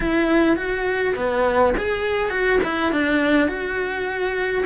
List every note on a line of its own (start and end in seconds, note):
0.00 0.56 E4
0.56 1.14 F#4
1.15 1.73 B3
1.77 2.30 G#4
2.30 2.59 F#4
2.63 2.92 E4
2.92 3.48 D4
3.48 4.64 F#4